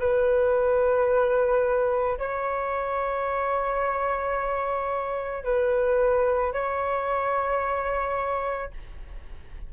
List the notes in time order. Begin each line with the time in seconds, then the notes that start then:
0.00 B4
2.19 C#5
5.44 B4
6.53 C#5